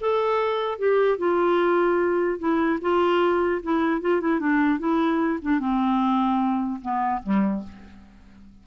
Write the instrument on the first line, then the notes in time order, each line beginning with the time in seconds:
clarinet
0.00 A4
0.78 G4
1.18 F4
2.38 E4
2.81 F4
3.62 E4
4.01 F4
4.21 E4
4.39 D4
4.79 E4
5.42 D4
5.59 C4
6.81 B3
7.23 G3